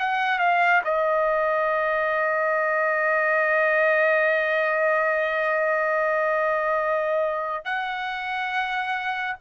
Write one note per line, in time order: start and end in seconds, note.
0.00 0.39 F#5
0.39 0.82 F5
0.85 7.65 D#5
7.65 9.37 F#5